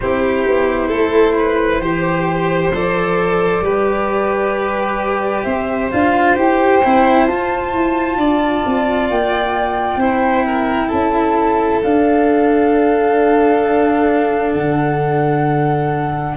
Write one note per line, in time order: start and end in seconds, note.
0.00 0.46 C4
0.00 1.80 E4
0.00 0.87 G4
0.00 2.72 C5
0.46 0.91 B3
0.87 1.80 A3
0.87 1.33 A4
1.37 1.81 B4
1.80 2.71 E3
1.80 2.71 G4
1.80 3.63 C5
2.72 3.61 F3
2.72 3.63 A4
2.72 5.43 D5
3.61 5.43 G3
3.61 5.91 G4
3.61 5.44 B4
5.43 5.90 C4
5.43 8.17 C5
5.43 5.89 E5
5.91 6.37 D4
5.91 6.35 F4
5.91 6.37 F5
6.35 6.82 E4
6.35 6.81 G4
6.35 7.26 G5
6.84 7.27 C4
6.84 7.29 E4
7.26 7.72 F4
7.26 10.00 F4
7.26 9.08 A5
7.72 8.17 E4
8.17 8.62 D4
8.17 9.99 D5
8.66 9.10 C4
9.10 9.96 A#3
9.10 10.89 G5
9.96 10.87 C4
9.96 11.82 E4
9.96 10.45 C5
10.45 10.88 A#4
10.88 11.83 C#4
10.88 16.33 A4
10.88 11.80 A5
11.83 14.54 D4
11.83 16.37 D4
11.83 14.53 F5
14.53 16.36 D3
14.53 16.35 F#5